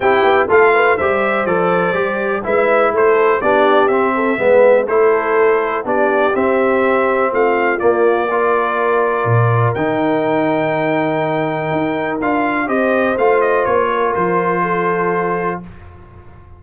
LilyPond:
<<
  \new Staff \with { instrumentName = "trumpet" } { \time 4/4 \tempo 4 = 123 g''4 f''4 e''4 d''4~ | d''4 e''4 c''4 d''4 | e''2 c''2 | d''4 e''2 f''4 |
d''1 | g''1~ | g''4 f''4 dis''4 f''8 dis''8 | cis''4 c''2. | }
  \new Staff \with { instrumentName = "horn" } { \time 4/4 g'4 a'8 b'8 c''2~ | c''4 b'4 a'4 g'4~ | g'8 a'8 b'4 a'2 | g'2. f'4~ |
f'4 ais'2.~ | ais'1~ | ais'2 c''2~ | c''8 ais'4. a'2 | }
  \new Staff \with { instrumentName = "trombone" } { \time 4/4 e'4 f'4 g'4 a'4 | g'4 e'2 d'4 | c'4 b4 e'2 | d'4 c'2. |
ais4 f'2. | dis'1~ | dis'4 f'4 g'4 f'4~ | f'1 | }
  \new Staff \with { instrumentName = "tuba" } { \time 4/4 c'8 b8 a4 g4 f4 | g4 gis4 a4 b4 | c'4 gis4 a2 | b4 c'2 a4 |
ais2. ais,4 | dis1 | dis'4 d'4 c'4 a4 | ais4 f2. | }
>>